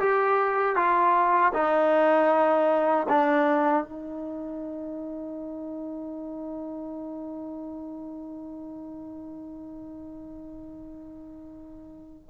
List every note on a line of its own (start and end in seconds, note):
0.00 0.76 G4
0.76 1.53 F4
1.53 3.07 D#4
3.09 3.84 D4
3.84 12.30 D#4